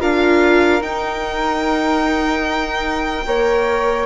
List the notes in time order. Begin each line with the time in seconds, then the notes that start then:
0.00 D4 F4 A#4 F5
0.82 D#4 G5
3.27 A#3 A#4 C#5